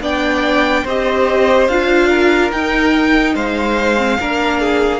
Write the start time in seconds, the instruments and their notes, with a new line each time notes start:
0.00 cello B3, viola D4, violin D5 G5
0.83 cello C4, viola G4, violin C5 D#5
1.67 cello D4, viola F4, violin F5
2.08 violin A#4
2.51 viola D#4, cello D#4, violin G5
3.35 cello G#3, violin C5 F5
3.97 viola C4
4.20 cello A#3, viola D4, violin A#4
4.60 violin G#4